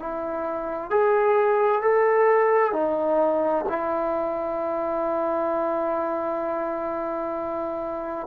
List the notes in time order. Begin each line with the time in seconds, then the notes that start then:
0.00 E4
0.91 G#4
1.82 A4
2.73 D#4
3.69 E4